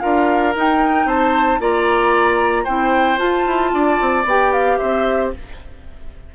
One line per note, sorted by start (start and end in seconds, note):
0.00 0.55 D4
0.00 0.53 F4
0.00 1.07 A#4
0.00 0.53 F5
0.55 1.06 D#4
0.55 1.59 D#4
0.55 1.08 G5
1.06 1.59 C4
1.06 1.60 C5
1.06 1.61 A5
1.59 2.66 A#3
1.59 2.66 F4
1.59 2.64 D5
1.59 2.65 A#5
2.64 3.19 C4
2.64 3.18 E4
2.64 3.70 C5
2.64 3.18 G5
3.18 4.24 F4
3.18 3.45 F4
3.18 4.25 A5
3.46 3.73 E4
3.73 4.00 D4
3.73 4.78 D5
4.01 4.25 C4
4.25 4.78 B3
4.25 5.35 G4
4.25 4.53 G5
4.53 4.78 F5
4.78 5.35 C4
4.78 5.31 C5
4.78 5.31 E5